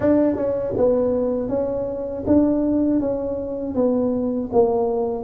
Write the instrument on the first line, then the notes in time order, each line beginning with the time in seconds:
tuba
0.00 D4
0.36 C#4
0.77 B3
1.48 C#4
2.26 D4
3.00 C#4
3.75 B3
4.52 A#3